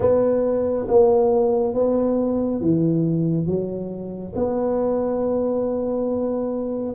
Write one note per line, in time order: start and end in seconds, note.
0.00 0.86 B3
0.87 1.74 A#3
1.74 2.60 B3
2.60 3.46 E3
3.46 4.33 F#3
4.35 6.94 B3